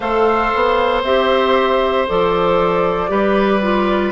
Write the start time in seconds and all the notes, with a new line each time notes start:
0.00 A3 A4 C5 F5
0.55 B3
1.03 C4 G4 E5
2.07 F3 A4 D5
3.08 G3 G4 B4
3.61 F4